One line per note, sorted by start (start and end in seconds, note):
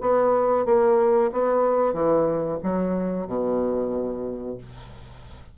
0.00 0.65 B3
0.65 1.30 A#3
1.32 1.93 B3
1.93 2.58 E3
2.63 3.27 F#3
3.27 4.57 B2